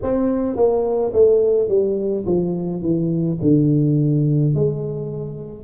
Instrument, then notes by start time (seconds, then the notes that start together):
tuba
0.02 C4
0.56 A#3
1.13 A3
1.68 G3
2.25 F3
2.81 E3
3.41 D3
4.54 G#3